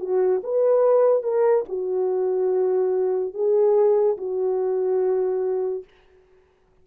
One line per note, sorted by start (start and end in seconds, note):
0.00 0.42 F#4
0.44 1.23 B4
1.23 1.65 A#4
1.69 3.34 F#4
3.34 4.17 G#4
4.17 5.84 F#4